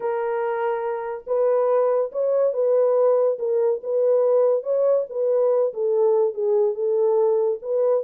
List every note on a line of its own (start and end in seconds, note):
0.00 1.24 A#4
1.26 2.11 B4
2.11 2.53 C#5
2.53 3.37 B4
3.38 3.81 A#4
3.83 4.63 B4
4.63 5.05 C#5
5.09 5.73 B4
5.73 6.34 A4
6.34 6.74 G#4
6.74 7.58 A4
7.62 8.04 B4